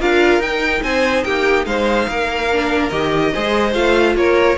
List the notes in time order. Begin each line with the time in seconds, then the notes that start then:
0.00 D4 F4 A#4 F5
0.40 D#4 G5
0.83 C4 C5 G#5
1.24 A#3 G4 G5
1.66 G#3 C5 F5
2.08 A#3 A#4
2.53 D4
2.90 D#3 G4 D#5
3.33 G#3 G#4 C5
3.74 A3 F4 F5
4.16 A#3 A#4 C#5